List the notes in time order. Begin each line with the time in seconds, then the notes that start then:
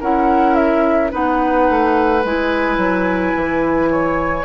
0.00 C#4 E4 A#4 F#5
0.55 E5
1.10 B3 D#4 B4 F#5
1.69 A3
2.24 G#3 E4 G#5
2.77 F#3
3.36 E3
3.91 C#5